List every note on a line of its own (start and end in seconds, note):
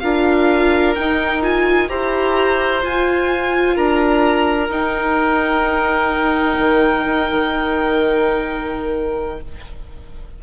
0.00 0.97 D4
0.00 0.96 F4
0.00 1.90 A#4
0.00 0.94 F5
0.96 1.43 D#4
0.96 1.90 D#4
0.96 1.42 G5
1.43 1.89 F4
1.43 1.89 G#5
1.89 2.84 E4
1.89 2.82 G4
1.89 3.77 C5
1.89 2.83 A#5
2.82 4.69 F4
2.82 3.77 F4
2.82 3.77 G#5
3.77 4.69 D4
3.77 9.39 A#4
3.77 4.71 A#5
4.69 9.38 D#4
4.69 6.57 D#4
4.69 9.41 G5
6.59 7.06 D#3
7.06 7.29 D#4
7.32 9.43 D#3